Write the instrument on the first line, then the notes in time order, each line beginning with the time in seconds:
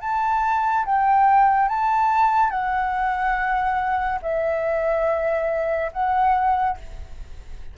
flute
0.00 A5
0.85 G5
1.68 A5
2.50 F#5
4.22 E5
5.92 F#5